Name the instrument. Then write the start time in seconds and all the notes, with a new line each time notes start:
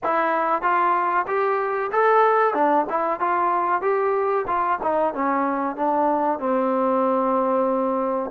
trombone
0.03 E4
0.62 F4
1.27 G4
1.92 A4
2.54 D4
2.89 E4
3.19 F4
3.82 G4
4.47 F4
4.82 D#4
5.14 C#4
5.76 D4
6.39 C4